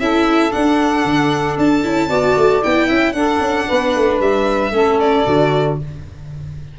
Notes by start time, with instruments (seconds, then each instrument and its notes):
0.00 tuba C#4, viola E4, saxophone A4, violin E5
0.51 viola D4, tuba D4, violin F#5
1.05 tuba D3
1.58 tuba D4, violin A5
1.84 tuba C#4, viola E4
2.08 tuba B3, viola F#4, saxophone D5
2.37 tuba A3
2.62 tuba B3, viola E4, violin G5
2.87 tuba C#4, saxophone E5
3.13 tuba D4, viola D4, saxophone A4, violin F#5
3.41 tuba C#4
3.68 tuba B3, saxophone B4
3.96 tuba A3
4.21 tuba G3, violin E5
4.72 tuba A3, viola C#4, saxophone A4
5.00 violin D5
5.26 tuba D3, viola F#4